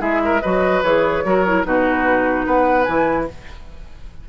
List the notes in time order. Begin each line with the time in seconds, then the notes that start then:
0.00 G#3 E4 G#4 E5
0.25 A#4
0.42 F#3 F#4 B4 D#5
0.83 E3 G#4 C#5
1.25 F#3 F#4 A#4
1.46 E4
1.64 B2 D#4 F#4 B4
2.46 B3 B4 F#5
2.84 E3 E4 G#5